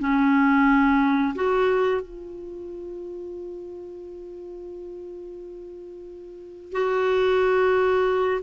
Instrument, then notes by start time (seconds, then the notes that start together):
clarinet
0.00 C#4
1.35 F#4
2.02 F4
6.73 F#4